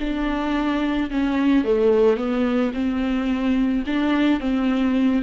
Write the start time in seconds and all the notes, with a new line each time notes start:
0.00 D4
1.11 C#4
1.65 A3
2.17 B3
2.74 C4
3.87 D4
4.40 C4